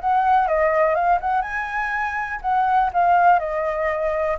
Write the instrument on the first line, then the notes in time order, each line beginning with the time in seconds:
flute
0.00 F#5
0.47 D#5
0.94 F5
1.20 F#5
1.41 G#5
2.41 F#5
2.93 F5
3.39 D#5